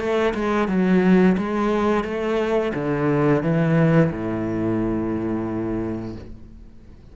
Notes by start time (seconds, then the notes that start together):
0.00 A3
0.35 G#3
0.68 F#3
1.38 G#3
2.05 A3
2.75 D3
3.43 E3
4.12 A2